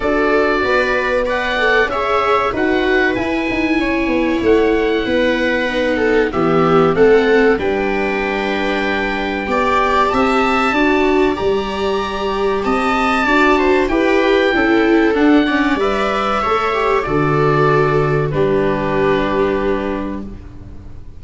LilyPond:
<<
  \new Staff \with { instrumentName = "oboe" } { \time 4/4 \tempo 4 = 95 d''2 fis''4 e''4 | fis''4 gis''2 fis''4~ | fis''2 e''4 fis''4 | g''1 |
a''2 ais''2 | a''2 g''2 | fis''4 e''2 d''4~ | d''4 b'2. | }
  \new Staff \with { instrumentName = "viola" } { \time 4/4 a'4 b'4 d''4 cis''4 | b'2 cis''2 | b'4. a'8 g'4 a'4 | b'2. d''4 |
e''4 d''2. | dis''4 d''8 c''8 b'4 a'4~ | a'8 d''4. cis''4 a'4~ | a'4 g'2. | }
  \new Staff \with { instrumentName = "viola" } { \time 4/4 fis'2 b'8 a'8 gis'4 | fis'4 e'2.~ | e'4 dis'4 b4 c'4 | d'2. g'4~ |
g'4 fis'4 g'2~ | g'4 fis'4 g'4 e'4 | d'8 cis'8 b'4 a'8 g'8 fis'4~ | fis'4 d'2. | }
  \new Staff \with { instrumentName = "tuba" } { \time 4/4 d'4 b2 cis'4 | dis'4 e'8 dis'8 cis'8 b8 a4 | b2 e4 a4 | g2. b4 |
c'4 d'4 g2 | c'4 d'4 e'4 cis'4 | d'4 g4 a4 d4~ | d4 g2. | }
>>